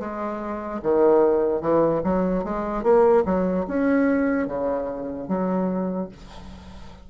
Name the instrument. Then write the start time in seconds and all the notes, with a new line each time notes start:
bassoon
0.00 G#3
0.83 D#3
1.61 E3
2.04 F#3
2.44 G#3
2.83 A#3
3.25 F#3
3.68 C#4
4.47 C#3
5.28 F#3